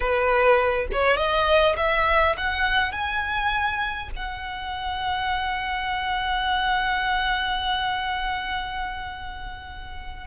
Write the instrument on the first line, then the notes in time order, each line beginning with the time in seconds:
violin
0.00 B4
0.92 C#5
1.16 D#5
1.76 E5
2.37 F#5
2.91 G#5
4.16 F#5